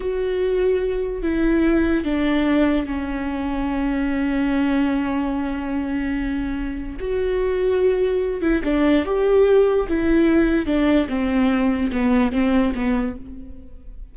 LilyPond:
\new Staff \with { instrumentName = "viola" } { \time 4/4 \tempo 4 = 146 fis'2. e'4~ | e'4 d'2 cis'4~ | cis'1~ | cis'1~ |
cis'4 fis'2.~ | fis'8 e'8 d'4 g'2 | e'2 d'4 c'4~ | c'4 b4 c'4 b4 | }